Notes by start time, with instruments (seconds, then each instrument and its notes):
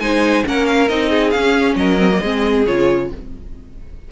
0.00 cello G#3, viola D#4, violin C5 G#5
0.45 cello A#3, viola C#4, violin A#4 F#5
0.67 violin F5
0.89 cello C4, viola D#4, violin D#5
1.10 violin G#4
1.31 cello C#4, viola C#4, violin F5
1.76 cello F#3, violin A#4 D#5
1.99 viola C4
2.11 viola A#3
2.21 cello G#3, viola C4, violin G#4
2.67 cello C#3, viola F4, violin C#5